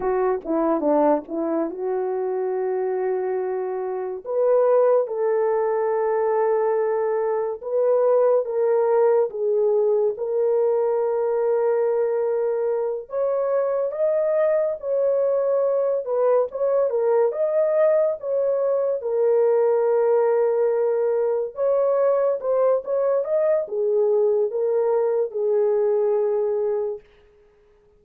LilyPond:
\new Staff \with { instrumentName = "horn" } { \time 4/4 \tempo 4 = 71 fis'8 e'8 d'8 e'8 fis'2~ | fis'4 b'4 a'2~ | a'4 b'4 ais'4 gis'4 | ais'2.~ ais'8 cis''8~ |
cis''8 dis''4 cis''4. b'8 cis''8 | ais'8 dis''4 cis''4 ais'4.~ | ais'4. cis''4 c''8 cis''8 dis''8 | gis'4 ais'4 gis'2 | }